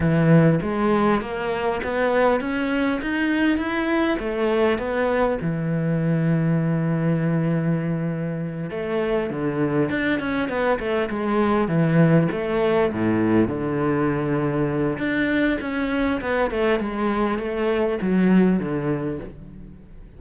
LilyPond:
\new Staff \with { instrumentName = "cello" } { \time 4/4 \tempo 4 = 100 e4 gis4 ais4 b4 | cis'4 dis'4 e'4 a4 | b4 e2.~ | e2~ e8 a4 d8~ |
d8 d'8 cis'8 b8 a8 gis4 e8~ | e8 a4 a,4 d4.~ | d4 d'4 cis'4 b8 a8 | gis4 a4 fis4 d4 | }